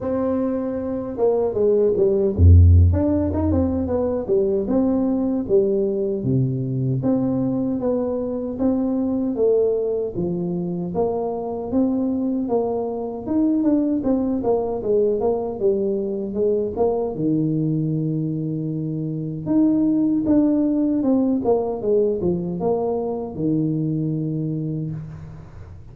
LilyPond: \new Staff \with { instrumentName = "tuba" } { \time 4/4 \tempo 4 = 77 c'4. ais8 gis8 g8 f,8. d'16~ | d'16 dis'16 c'8 b8 g8 c'4 g4 | c4 c'4 b4 c'4 | a4 f4 ais4 c'4 |
ais4 dis'8 d'8 c'8 ais8 gis8 ais8 | g4 gis8 ais8 dis2~ | dis4 dis'4 d'4 c'8 ais8 | gis8 f8 ais4 dis2 | }